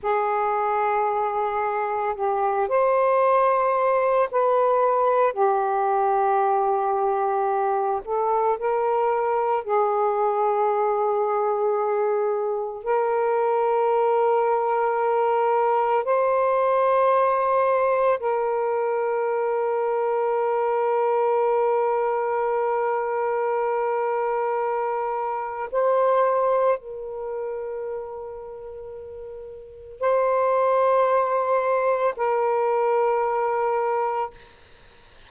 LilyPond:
\new Staff \with { instrumentName = "saxophone" } { \time 4/4 \tempo 4 = 56 gis'2 g'8 c''4. | b'4 g'2~ g'8 a'8 | ais'4 gis'2. | ais'2. c''4~ |
c''4 ais'2.~ | ais'1 | c''4 ais'2. | c''2 ais'2 | }